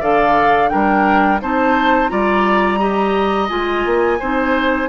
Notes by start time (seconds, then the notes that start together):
0.00 D3 A4 D5 F5
0.69 G3 D4 A#4 G5
1.42 C4 D#4 C5 A5
2.09 G3 F4 D5 A#5
2.79 G4 D#5
3.49 G#3 F4 G#5
3.85 A#3
4.19 C4 D#4 C5